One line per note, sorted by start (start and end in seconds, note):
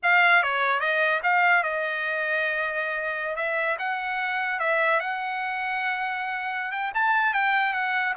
0.02 0.42 F5
0.42 0.80 C#5
0.80 1.20 D#5
1.23 1.63 F5
1.63 3.35 D#5
3.35 3.76 E5
3.78 4.59 F#5
4.59 5.00 E5
5.00 6.71 F#5
6.71 6.92 G5
6.94 7.33 A5
7.33 7.73 G5
7.73 8.14 F#5